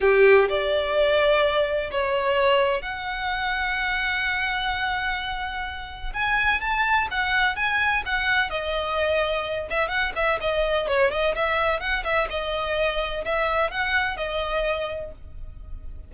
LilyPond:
\new Staff \with { instrumentName = "violin" } { \time 4/4 \tempo 4 = 127 g'4 d''2. | cis''2 fis''2~ | fis''1~ | fis''4 gis''4 a''4 fis''4 |
gis''4 fis''4 dis''2~ | dis''8 e''8 fis''8 e''8 dis''4 cis''8 dis''8 | e''4 fis''8 e''8 dis''2 | e''4 fis''4 dis''2 | }